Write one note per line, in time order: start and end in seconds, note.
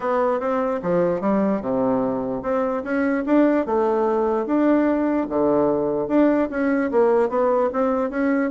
0.00 0.39 B3
0.39 0.80 C4
0.82 1.20 F3
1.20 1.61 G3
1.61 2.42 C3
2.42 2.83 C4
2.83 3.24 C#4
3.25 3.66 D4
3.66 4.45 A3
4.45 5.26 D4
5.29 6.08 D3
6.08 6.48 D4
6.50 6.90 C#4
6.91 7.29 A#3
7.29 7.69 B3
7.72 8.10 C4
8.10 8.50 C#4